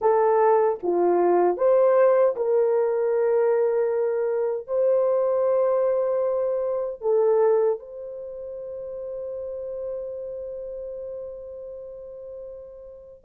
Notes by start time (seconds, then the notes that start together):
0.01 A4
0.83 F4
1.57 C5
2.36 A#4
4.67 C5
7.01 A4
7.79 C5